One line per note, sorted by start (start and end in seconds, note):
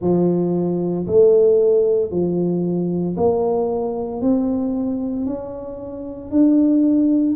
0.01 1.06 F3
1.07 2.11 A3
2.11 3.16 F3
3.16 4.21 A#3
4.21 5.26 C4
5.26 6.31 C#4
6.31 7.35 D4